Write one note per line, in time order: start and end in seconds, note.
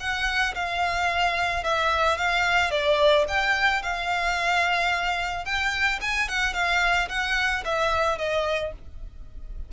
0.00 0.55 F#5
0.55 1.64 F5
1.64 2.18 E5
2.18 2.71 F5
2.71 3.26 D5
3.28 3.83 G5
3.83 5.45 F5
5.45 6.00 G5
6.01 6.29 G#5
6.29 6.54 F#5
6.54 7.08 F5
7.09 7.64 F#5
7.65 8.18 E5
8.18 8.72 D#5